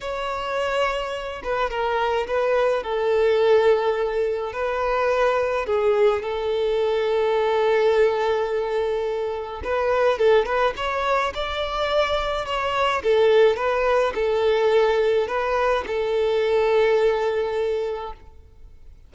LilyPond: \new Staff \with { instrumentName = "violin" } { \time 4/4 \tempo 4 = 106 cis''2~ cis''8 b'8 ais'4 | b'4 a'2. | b'2 gis'4 a'4~ | a'1~ |
a'4 b'4 a'8 b'8 cis''4 | d''2 cis''4 a'4 | b'4 a'2 b'4 | a'1 | }